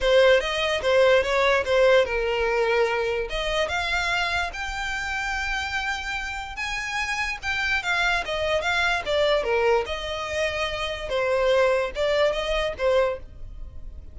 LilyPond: \new Staff \with { instrumentName = "violin" } { \time 4/4 \tempo 4 = 146 c''4 dis''4 c''4 cis''4 | c''4 ais'2. | dis''4 f''2 g''4~ | g''1 |
gis''2 g''4 f''4 | dis''4 f''4 d''4 ais'4 | dis''2. c''4~ | c''4 d''4 dis''4 c''4 | }